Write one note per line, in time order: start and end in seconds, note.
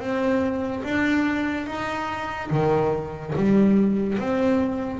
0.00 0.83 C4
0.84 1.67 D4
1.67 2.50 D#4
2.51 3.34 D#3
3.36 4.19 G3
4.19 5.00 C4